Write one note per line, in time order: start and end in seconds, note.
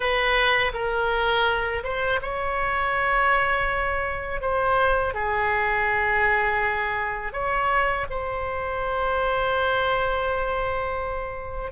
0.00 0.72 B4
0.73 1.83 A#4
1.83 2.20 C5
2.22 4.41 C#5
4.41 5.14 C5
5.14 7.32 G#4
7.32 8.06 C#5
8.10 11.71 C5